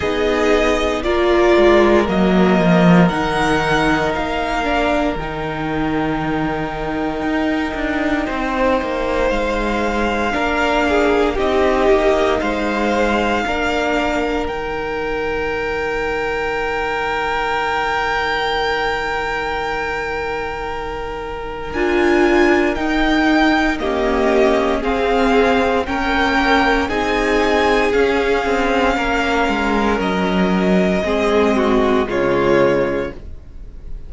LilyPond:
<<
  \new Staff \with { instrumentName = "violin" } { \time 4/4 \tempo 4 = 58 dis''4 d''4 dis''4 fis''4 | f''4 g''2.~ | g''4 f''2 dis''4 | f''2 g''2~ |
g''1~ | g''4 gis''4 g''4 dis''4 | f''4 g''4 gis''4 f''4~ | f''4 dis''2 cis''4 | }
  \new Staff \with { instrumentName = "violin" } { \time 4/4 gis'4 ais'2.~ | ais'1 | c''2 ais'8 gis'8 g'4 | c''4 ais'2.~ |
ais'1~ | ais'2. g'4 | gis'4 ais'4 gis'2 | ais'2 gis'8 fis'8 f'4 | }
  \new Staff \with { instrumentName = "viola" } { \time 4/4 dis'4 f'4 ais4 dis'4~ | dis'8 d'8 dis'2.~ | dis'2 d'4 dis'4~ | dis'4 d'4 dis'2~ |
dis'1~ | dis'4 f'4 dis'4 ais4 | c'4 cis'4 dis'4 cis'4~ | cis'2 c'4 gis4 | }
  \new Staff \with { instrumentName = "cello" } { \time 4/4 b4 ais8 gis8 fis8 f8 dis4 | ais4 dis2 dis'8 d'8 | c'8 ais8 gis4 ais4 c'8 ais8 | gis4 ais4 dis2~ |
dis1~ | dis4 d'4 dis'4 cis'4 | c'4 ais4 c'4 cis'8 c'8 | ais8 gis8 fis4 gis4 cis4 | }
>>